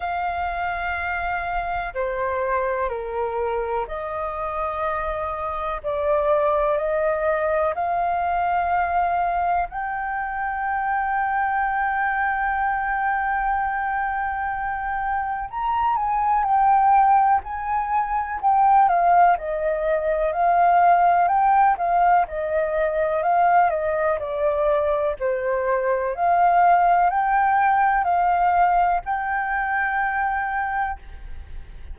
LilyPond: \new Staff \with { instrumentName = "flute" } { \time 4/4 \tempo 4 = 62 f''2 c''4 ais'4 | dis''2 d''4 dis''4 | f''2 g''2~ | g''1 |
ais''8 gis''8 g''4 gis''4 g''8 f''8 | dis''4 f''4 g''8 f''8 dis''4 | f''8 dis''8 d''4 c''4 f''4 | g''4 f''4 g''2 | }